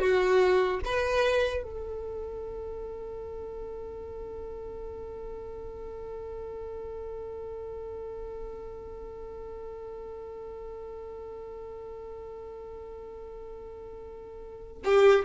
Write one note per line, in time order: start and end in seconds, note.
0.00 0.80 F#4
0.85 1.63 B4
1.63 14.83 A4
14.85 15.25 G4